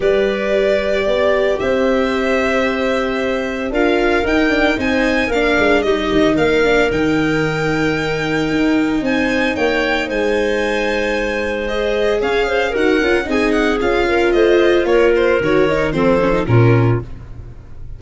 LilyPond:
<<
  \new Staff \with { instrumentName = "violin" } { \time 4/4 \tempo 4 = 113 d''2. e''4~ | e''2. f''4 | g''4 gis''4 f''4 dis''4 | f''4 g''2.~ |
g''4 gis''4 g''4 gis''4~ | gis''2 dis''4 f''4 | fis''4 gis''8 fis''8 f''4 dis''4 | cis''8 c''8 cis''4 c''4 ais'4 | }
  \new Staff \with { instrumentName = "clarinet" } { \time 4/4 b'2 d''4 c''4~ | c''2. ais'4~ | ais'4 c''4 ais'4 g'4 | ais'1~ |
ais'4 c''4 cis''4 c''4~ | c''2. cis''8 c''8 | ais'4 gis'4. ais'8 c''4 | ais'2 a'4 f'4 | }
  \new Staff \with { instrumentName = "viola" } { \time 4/4 g'1~ | g'2. f'4 | dis'8 d'8 dis'4 d'4 dis'4~ | dis'8 d'8 dis'2.~ |
dis'1~ | dis'2 gis'2 | fis'8 f'8 dis'4 f'2~ | f'4 fis'8 dis'8 c'8 cis'16 dis'16 cis'4 | }
  \new Staff \with { instrumentName = "tuba" } { \time 4/4 g2 b4 c'4~ | c'2. d'4 | dis'4 c'4 ais8 gis8 g8 dis8 | ais4 dis2. |
dis'4 c'4 ais4 gis4~ | gis2. cis'4 | dis'8 cis'8 c'4 cis'4 a4 | ais4 dis4 f4 ais,4 | }
>>